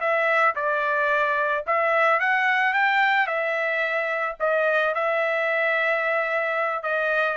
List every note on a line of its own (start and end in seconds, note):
0.00 0.55 E5
0.55 1.64 D5
1.66 2.20 E5
2.20 2.73 F#5
2.73 3.27 G5
3.27 4.36 E5
4.40 4.94 D#5
4.94 6.83 E5
6.83 7.37 D#5